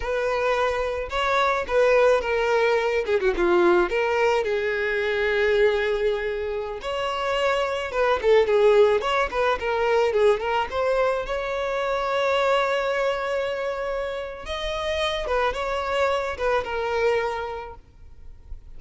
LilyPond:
\new Staff \with { instrumentName = "violin" } { \time 4/4 \tempo 4 = 108 b'2 cis''4 b'4 | ais'4. gis'16 fis'16 f'4 ais'4 | gis'1~ | gis'16 cis''2 b'8 a'8 gis'8.~ |
gis'16 cis''8 b'8 ais'4 gis'8 ais'8 c''8.~ | c''16 cis''2.~ cis''8.~ | cis''2 dis''4. b'8 | cis''4. b'8 ais'2 | }